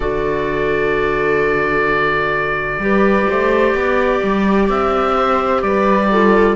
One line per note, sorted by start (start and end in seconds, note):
0.00 2.78 D3
0.00 2.80 F#4
0.00 2.81 A4
0.00 4.68 D5
2.79 3.26 G3
2.79 6.09 G4
2.79 3.29 B4
3.29 3.74 A3
3.29 3.74 C5
3.74 4.21 B3
3.74 5.15 D5
4.23 4.69 G3
4.69 5.62 C4
4.69 5.62 E5
5.16 5.63 C5
5.62 6.55 G3
5.62 6.10 B4
5.62 6.55 D5
6.11 6.55 F4
6.11 6.55 A4